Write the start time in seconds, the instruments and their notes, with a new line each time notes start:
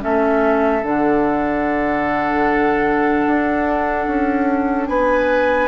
0.00 bassoon A3, clarinet C#4, oboe A4, flute E5
0.82 bassoon D3, clarinet D4, flute F#5
3.26 bassoon D4
4.07 bassoon C#4
4.87 bassoon B3, oboe B4, flute G#5